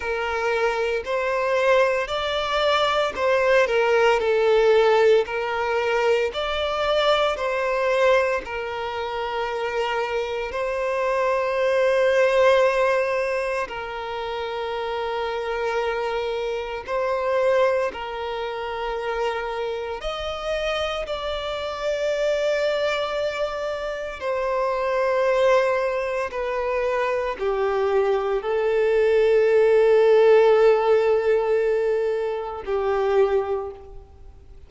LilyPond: \new Staff \with { instrumentName = "violin" } { \time 4/4 \tempo 4 = 57 ais'4 c''4 d''4 c''8 ais'8 | a'4 ais'4 d''4 c''4 | ais'2 c''2~ | c''4 ais'2. |
c''4 ais'2 dis''4 | d''2. c''4~ | c''4 b'4 g'4 a'4~ | a'2. g'4 | }